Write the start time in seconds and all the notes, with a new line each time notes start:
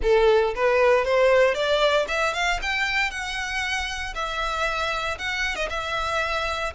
0.02 A4
0.55 B4
1.04 C5
1.54 D5
2.08 E5
2.33 F5
2.61 G5
3.10 F#5
4.14 E5
5.18 F#5
5.55 D#5
5.69 E5